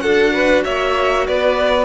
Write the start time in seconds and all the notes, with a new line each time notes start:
0.00 D4 F#4 A4 F#5
0.33 B4
0.64 A#3 C#5 E5
1.27 B3 B4 D5